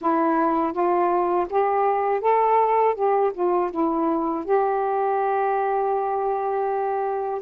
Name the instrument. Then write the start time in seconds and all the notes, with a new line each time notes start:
saxophone
0.01 E4
0.72 F4
1.49 G4
2.20 A4
2.95 G4
3.33 F4
3.70 E4
4.44 G4